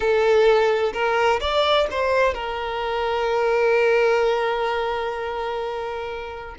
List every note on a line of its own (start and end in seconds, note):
0.00 0.92 A4
0.93 1.40 A#4
1.40 1.87 D5
1.90 2.34 C5
2.34 6.55 A#4